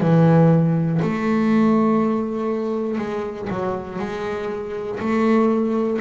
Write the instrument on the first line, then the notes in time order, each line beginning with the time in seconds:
double bass
0.00 E3
1.01 A3
2.98 G#3
3.50 F#3
3.99 G#3
5.00 A3